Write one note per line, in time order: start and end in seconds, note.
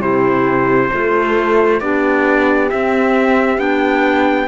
0.00 0.90 C3
0.00 0.90 E4
0.00 0.90 G4
0.00 1.80 C5
0.92 1.80 A3
0.92 1.80 F4
0.92 1.82 A4
1.80 2.70 B3
1.80 2.70 D4
1.80 4.47 G4
1.80 2.69 D5
2.70 3.57 C4
2.70 3.58 C4
2.70 3.59 E5
3.57 4.47 B3
3.57 4.47 D4
3.57 4.47 G5